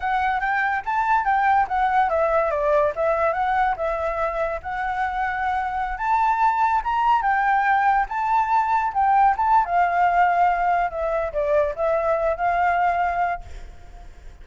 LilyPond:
\new Staff \with { instrumentName = "flute" } { \time 4/4 \tempo 4 = 143 fis''4 g''4 a''4 g''4 | fis''4 e''4 d''4 e''4 | fis''4 e''2 fis''4~ | fis''2~ fis''16 a''4.~ a''16~ |
a''16 ais''4 g''2 a''8.~ | a''4~ a''16 g''4 a''8. f''4~ | f''2 e''4 d''4 | e''4. f''2~ f''8 | }